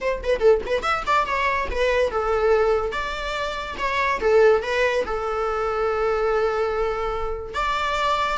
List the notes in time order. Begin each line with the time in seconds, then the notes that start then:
0.00 C5
0.23 B4
0.39 A4
0.66 B4
0.82 E5
1.06 D5
1.26 C#5
1.70 B4
2.10 A4
2.91 D5
3.78 C#5
4.20 A4
4.62 B4
5.05 A4
7.54 D5